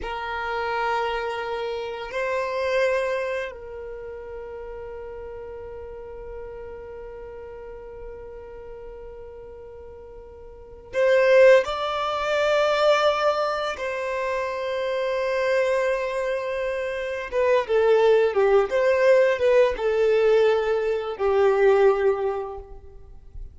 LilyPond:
\new Staff \with { instrumentName = "violin" } { \time 4/4 \tempo 4 = 85 ais'2. c''4~ | c''4 ais'2.~ | ais'1~ | ais'2.~ ais'8 c''8~ |
c''8 d''2. c''8~ | c''1~ | c''8 b'8 a'4 g'8 c''4 b'8 | a'2 g'2 | }